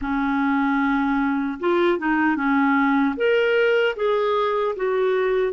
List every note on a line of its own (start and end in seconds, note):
0.01 1.59 C#4
1.59 1.98 F4
1.98 2.36 D#4
2.36 3.15 C#4
3.16 3.95 A#4
3.96 4.75 G#4
4.76 5.53 F#4